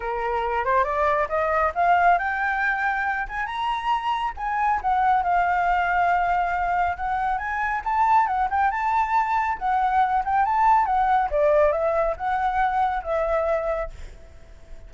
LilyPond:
\new Staff \with { instrumentName = "flute" } { \time 4/4 \tempo 4 = 138 ais'4. c''8 d''4 dis''4 | f''4 g''2~ g''8 gis''8 | ais''2 gis''4 fis''4 | f''1 |
fis''4 gis''4 a''4 fis''8 g''8 | a''2 fis''4. g''8 | a''4 fis''4 d''4 e''4 | fis''2 e''2 | }